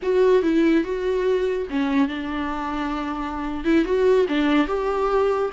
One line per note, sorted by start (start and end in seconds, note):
0.02 0.42 F#4
0.42 0.84 E4
0.84 1.67 F#4
1.70 2.08 C#4
2.08 3.64 D4
3.64 3.84 E4
3.84 4.26 F#4
4.28 4.67 D4
4.67 5.50 G4